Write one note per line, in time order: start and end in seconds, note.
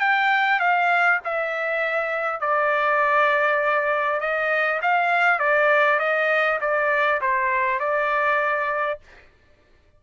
0.00 0.60 G5
0.60 1.20 F5
1.24 2.40 E5
2.40 4.20 D5
4.20 4.80 D#5
4.82 5.39 F5
5.39 5.99 D5
5.99 6.59 D#5
6.61 7.21 D5
7.21 7.79 C5
7.79 8.99 D5